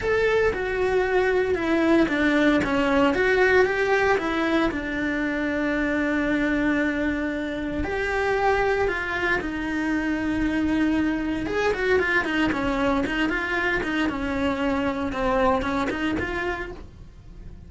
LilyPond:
\new Staff \with { instrumentName = "cello" } { \time 4/4 \tempo 4 = 115 a'4 fis'2 e'4 | d'4 cis'4 fis'4 g'4 | e'4 d'2.~ | d'2. g'4~ |
g'4 f'4 dis'2~ | dis'2 gis'8 fis'8 f'8 dis'8 | cis'4 dis'8 f'4 dis'8 cis'4~ | cis'4 c'4 cis'8 dis'8 f'4 | }